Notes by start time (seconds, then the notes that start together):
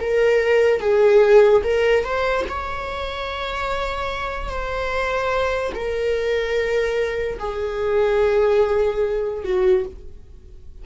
0.00 A#4
0.80 G#4
1.63 A#4
2.04 C5
2.49 C#5
4.49 C5
5.74 A#4
7.39 G#4
9.44 F#4